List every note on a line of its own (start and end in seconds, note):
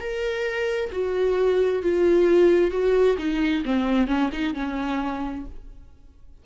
0.00 0.91 A#4
0.92 1.83 F#4
1.83 2.71 F4
2.71 3.17 F#4
3.18 3.64 D#4
3.65 4.07 C4
4.07 4.30 C#4
4.33 4.55 D#4
4.55 5.45 C#4